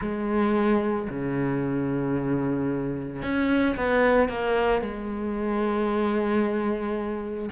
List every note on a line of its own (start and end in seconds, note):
0.01 1.08 G#3
1.09 3.22 C#3
3.22 3.75 C#4
3.76 4.29 B3
4.29 4.81 A#3
4.81 7.49 G#3